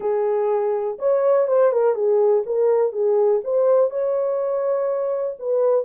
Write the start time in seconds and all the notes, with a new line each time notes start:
0.00 G#4
0.98 C#5
1.47 C5
1.71 A#4
1.94 G#4
2.45 A#4
2.92 G#4
3.44 C5
3.90 C#5
5.39 B4